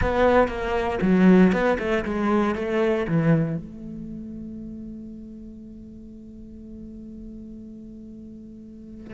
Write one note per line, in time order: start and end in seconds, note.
0.01 0.48 B3
0.48 0.98 A#3
1.01 1.52 F#3
1.52 1.77 B3
1.78 2.04 A3
2.04 2.55 G#3
2.55 3.06 A3
3.08 3.56 E3
3.56 9.14 A3